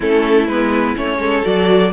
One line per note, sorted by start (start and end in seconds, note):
0.00 0.47 A3
0.00 0.47 C#4
0.00 1.18 E4
0.00 0.47 A4
0.47 0.95 G#3
0.47 0.95 B3
0.47 0.95 B4
0.95 1.18 A3
0.95 1.43 C#4
0.95 1.44 C#5
1.18 1.42 G#3
1.18 1.91 A4
1.43 1.92 F#3
1.43 1.91 F#4
1.43 1.92 D5